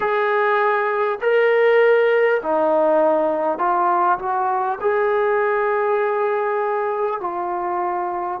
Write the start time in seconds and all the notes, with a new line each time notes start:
0.00 G#4
1.21 A#4
2.42 D#4
3.58 F4
4.18 F#4
4.81 G#4
7.20 F4